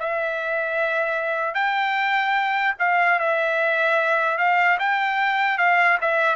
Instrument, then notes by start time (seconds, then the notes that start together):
trumpet
0.00 E5
1.55 G5
2.80 F5
3.20 E5
4.39 F5
4.80 G5
5.59 F5
6.01 E5